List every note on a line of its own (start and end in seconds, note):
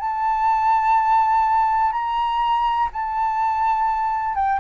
0.00 1.92 A5
1.92 2.89 A#5
2.93 4.35 A5
4.35 4.60 G5